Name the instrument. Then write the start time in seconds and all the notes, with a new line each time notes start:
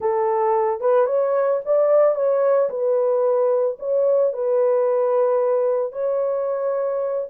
horn
0.00 A4
0.80 B4
1.06 C#5
1.65 D5
2.15 C#5
2.69 B4
3.79 C#5
4.33 B4
5.92 C#5